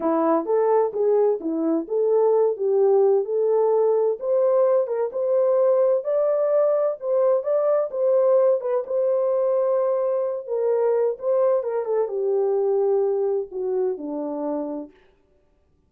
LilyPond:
\new Staff \with { instrumentName = "horn" } { \time 4/4 \tempo 4 = 129 e'4 a'4 gis'4 e'4 | a'4. g'4. a'4~ | a'4 c''4. ais'8 c''4~ | c''4 d''2 c''4 |
d''4 c''4. b'8 c''4~ | c''2~ c''8 ais'4. | c''4 ais'8 a'8 g'2~ | g'4 fis'4 d'2 | }